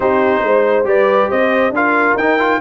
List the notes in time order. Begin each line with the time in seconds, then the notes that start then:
0.00 C4 D#4 G4 C5
0.42 G#3 C5
0.84 G3 G4 B4 D5
1.28 C4 C5 D#5
1.70 D4 F4 A#4 F5
2.15 D#4 G5
2.38 F4